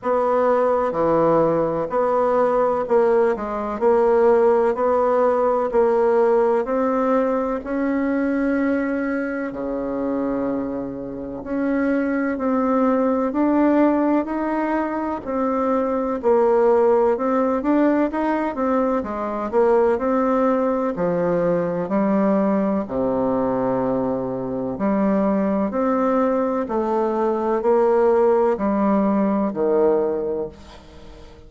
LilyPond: \new Staff \with { instrumentName = "bassoon" } { \time 4/4 \tempo 4 = 63 b4 e4 b4 ais8 gis8 | ais4 b4 ais4 c'4 | cis'2 cis2 | cis'4 c'4 d'4 dis'4 |
c'4 ais4 c'8 d'8 dis'8 c'8 | gis8 ais8 c'4 f4 g4 | c2 g4 c'4 | a4 ais4 g4 dis4 | }